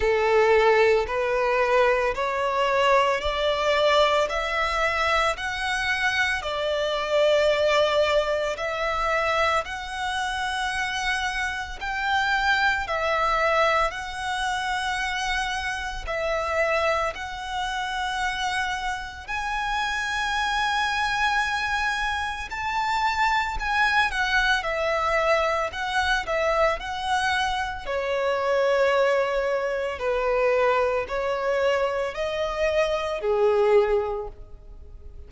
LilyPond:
\new Staff \with { instrumentName = "violin" } { \time 4/4 \tempo 4 = 56 a'4 b'4 cis''4 d''4 | e''4 fis''4 d''2 | e''4 fis''2 g''4 | e''4 fis''2 e''4 |
fis''2 gis''2~ | gis''4 a''4 gis''8 fis''8 e''4 | fis''8 e''8 fis''4 cis''2 | b'4 cis''4 dis''4 gis'4 | }